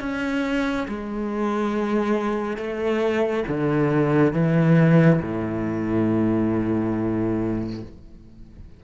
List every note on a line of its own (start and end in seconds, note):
0.00 0.87 C#4
0.88 2.57 G#3
2.57 3.44 A3
3.48 4.33 D3
4.33 5.20 E3
5.22 7.83 A2